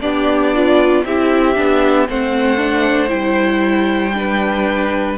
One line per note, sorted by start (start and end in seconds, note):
0.00 1.05 B3
0.00 1.03 D4
0.00 0.54 G4
0.00 1.05 D5
0.54 1.06 F4
1.05 1.57 C4
1.05 1.55 E4
1.05 2.09 G4
1.05 2.08 E5
1.55 2.09 B3
1.55 2.07 D4
2.09 3.11 A3
2.09 2.58 C4
2.09 4.16 C5
2.09 3.10 F#5
2.58 3.08 D4
3.08 5.18 G3
3.08 4.12 E4
3.08 5.17 G5
4.14 5.17 D4
4.14 5.19 B4